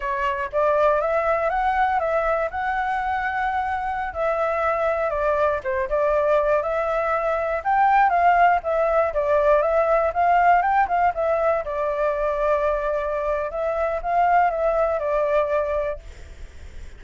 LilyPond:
\new Staff \with { instrumentName = "flute" } { \time 4/4 \tempo 4 = 120 cis''4 d''4 e''4 fis''4 | e''4 fis''2.~ | fis''16 e''2 d''4 c''8 d''16~ | d''4~ d''16 e''2 g''8.~ |
g''16 f''4 e''4 d''4 e''8.~ | e''16 f''4 g''8 f''8 e''4 d''8.~ | d''2. e''4 | f''4 e''4 d''2 | }